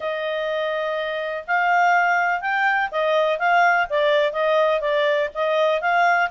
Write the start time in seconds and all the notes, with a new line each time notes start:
0.00 D#5
1.47 F5
2.41 G5
2.91 D#5
3.38 F5
3.89 D5
4.32 D#5
4.80 D5
5.34 D#5
5.81 F5